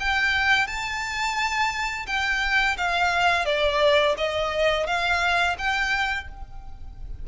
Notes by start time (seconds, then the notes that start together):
0.00 G5
0.67 A5
2.07 G5
2.78 F5
3.46 D5
4.18 D#5
4.87 F5
5.58 G5